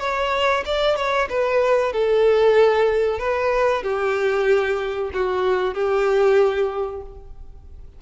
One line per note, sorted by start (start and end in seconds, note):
0.00 0.64 C#5
0.66 0.97 D5
0.97 1.29 C#5
1.30 1.93 B4
1.93 3.19 A4
3.19 3.83 B4
3.83 5.11 G4
5.14 5.74 F#4
5.74 7.02 G4